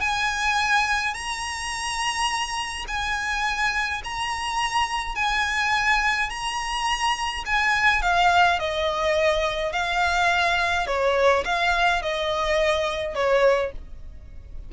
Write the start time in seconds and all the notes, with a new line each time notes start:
0.00 G#5
1.14 A#5
2.88 G#5
4.04 A#5
5.15 G#5
6.29 A#5
7.45 G#5
8.02 F5
8.59 D#5
9.72 F5
10.87 C#5
11.44 F5
12.02 D#5
13.15 C#5